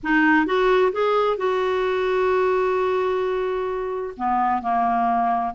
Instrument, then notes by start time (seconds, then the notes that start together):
clarinet
0.03 D#4
0.46 F#4
0.92 G#4
1.37 F#4
4.16 B3
4.62 A#3